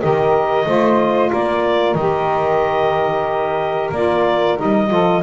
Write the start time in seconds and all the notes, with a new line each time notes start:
0.00 D#3 G4 A#4 D#5
0.66 A3 F4 C5
1.31 A#3 A#4 D5
1.95 D#3 G4 D#5
3.91 A#3 F4 D5
4.57 G3 D#4 D#5
4.88 F3 F4 A4